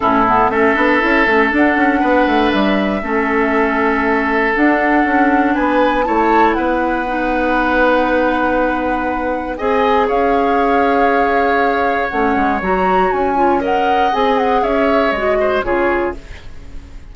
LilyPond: <<
  \new Staff \with { instrumentName = "flute" } { \time 4/4 \tempo 4 = 119 a'4 e''2 fis''4~ | fis''4 e''2.~ | e''4 fis''2 gis''4 | a''4 fis''2.~ |
fis''2. gis''4 | f''1 | fis''4 ais''4 gis''4 fis''4 | gis''8 fis''8 e''4 dis''4 cis''4 | }
  \new Staff \with { instrumentName = "oboe" } { \time 4/4 e'4 a'2. | b'2 a'2~ | a'2. b'4 | cis''4 b'2.~ |
b'2. dis''4 | cis''1~ | cis''2. dis''4~ | dis''4 cis''4. c''8 gis'4 | }
  \new Staff \with { instrumentName = "clarinet" } { \time 4/4 cis'8 b8 cis'8 d'8 e'8 cis'8 d'4~ | d'2 cis'2~ | cis'4 d'2. | e'2 dis'2~ |
dis'2. gis'4~ | gis'1 | cis'4 fis'4. f'8 ais'4 | gis'2 fis'4 f'4 | }
  \new Staff \with { instrumentName = "bassoon" } { \time 4/4 a,4 a8 b8 cis'8 a8 d'8 cis'8 | b8 a8 g4 a2~ | a4 d'4 cis'4 b4 | a4 b2.~ |
b2. c'4 | cis'1 | a8 gis8 fis4 cis'2 | c'4 cis'4 gis4 cis4 | }
>>